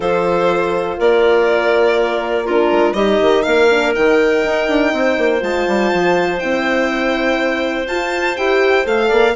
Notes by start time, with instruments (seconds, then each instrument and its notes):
0.00 bassoon F3, horn F4, clarinet A4, violin C5
0.98 bassoon A#3, clarinet A#4, violin D5
2.45 horn D4, clarinet F4, violin A#4
2.72 bassoon G#3
2.93 bassoon G3, horn D#4, clarinet G4, violin D#5
3.21 bassoon D#3
3.42 bassoon A#3, clarinet A#4, violin F5
3.70 horn D4
3.94 bassoon D#3, horn D#4, violin G5
4.45 bassoon D#4
4.68 bassoon D4
4.93 bassoon C4, clarinet C5
5.17 bassoon A#3
5.40 bassoon G#3, horn F4, violin A5
5.67 bassoon G3
5.93 bassoon F3
6.39 bassoon C4, horn E4, violin G5
7.87 bassoon F4, horn F4, violin A5
8.36 bassoon E4, horn G4, violin G5
8.85 bassoon A3, horn A4, violin F5
9.07 bassoon A#3, clarinet D5